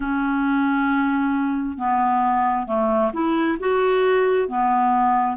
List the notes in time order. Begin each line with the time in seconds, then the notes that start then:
0.00 C#4
1.77 B3
2.66 A3
3.13 E4
3.59 F#4
4.48 B3